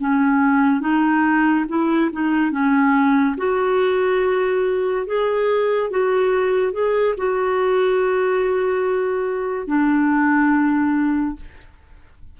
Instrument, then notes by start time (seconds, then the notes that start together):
clarinet
0.00 C#4
0.80 D#4
1.68 E4
2.12 D#4
2.51 C#4
3.37 F#4
5.06 G#4
5.90 F#4
6.72 G#4
7.17 F#4
9.67 D4